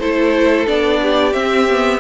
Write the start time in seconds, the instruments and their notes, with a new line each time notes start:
0.00 cello A3, viola E4, violin A4 C5
0.67 cello B3, viola D4, violin D5
1.02 violin G4
1.33 viola C4, cello C4, violin E5
1.70 viola B3